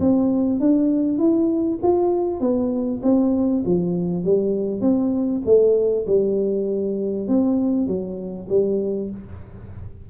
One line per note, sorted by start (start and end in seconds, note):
0.00 0.60 C4
0.60 1.18 D4
1.18 1.79 E4
1.83 2.40 F4
2.40 3.01 B3
3.03 3.63 C4
3.65 4.24 F3
4.24 4.81 G3
4.81 5.42 C4
5.45 6.06 A3
6.07 7.28 G3
7.28 7.87 C4
7.87 8.48 F#3
8.49 9.10 G3